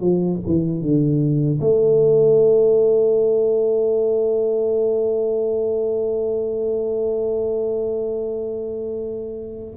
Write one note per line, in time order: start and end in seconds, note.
0.00 0.39 F3
0.46 0.81 E3
0.81 1.59 D3
1.60 9.77 A3